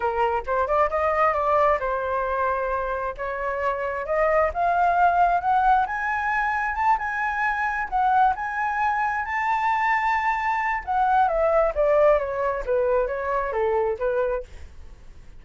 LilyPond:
\new Staff \with { instrumentName = "flute" } { \time 4/4 \tempo 4 = 133 ais'4 c''8 d''8 dis''4 d''4 | c''2. cis''4~ | cis''4 dis''4 f''2 | fis''4 gis''2 a''8 gis''8~ |
gis''4. fis''4 gis''4.~ | gis''8 a''2.~ a''8 | fis''4 e''4 d''4 cis''4 | b'4 cis''4 a'4 b'4 | }